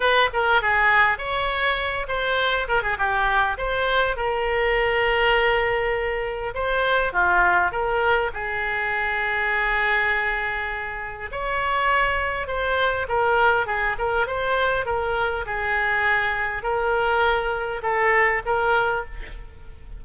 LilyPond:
\new Staff \with { instrumentName = "oboe" } { \time 4/4 \tempo 4 = 101 b'8 ais'8 gis'4 cis''4. c''8~ | c''8 ais'16 gis'16 g'4 c''4 ais'4~ | ais'2. c''4 | f'4 ais'4 gis'2~ |
gis'2. cis''4~ | cis''4 c''4 ais'4 gis'8 ais'8 | c''4 ais'4 gis'2 | ais'2 a'4 ais'4 | }